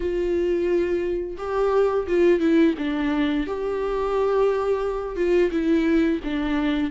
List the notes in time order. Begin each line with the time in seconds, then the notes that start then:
0.00 F4
1.37 G4
2.07 F4
2.39 E4
2.77 D4
3.46 G4
5.15 F4
5.51 E4
6.24 D4